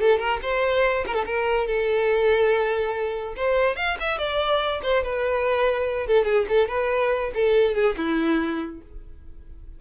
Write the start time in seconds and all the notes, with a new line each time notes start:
0.00 A4
0.19 A#4
0.42 C5
1.07 A#4
1.14 A4
1.26 A#4
1.67 A4
3.36 C5
3.76 F5
4.00 E5
4.18 D5
4.82 C5
5.03 B4
6.07 A4
6.25 G#4
6.49 A4
6.68 B4
7.34 A4
7.74 G#4
7.97 E4